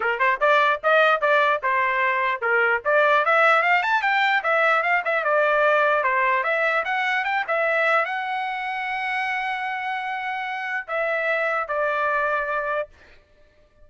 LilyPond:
\new Staff \with { instrumentName = "trumpet" } { \time 4/4 \tempo 4 = 149 ais'8 c''8 d''4 dis''4 d''4 | c''2 ais'4 d''4 | e''4 f''8 a''8 g''4 e''4 | f''8 e''8 d''2 c''4 |
e''4 fis''4 g''8 e''4. | fis''1~ | fis''2. e''4~ | e''4 d''2. | }